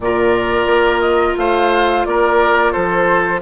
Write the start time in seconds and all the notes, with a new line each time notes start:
0.00 A#2 F4 A#4 D5
0.66 A#3
1.00 D#5
1.37 A3 C5 F5
2.05 A#3 A#4 D5
2.71 F3 A4 C5